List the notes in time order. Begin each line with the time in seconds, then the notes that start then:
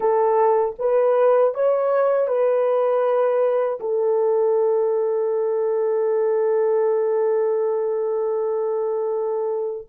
0.00 A4
0.78 B4
1.54 C#5
2.27 B4
3.80 A4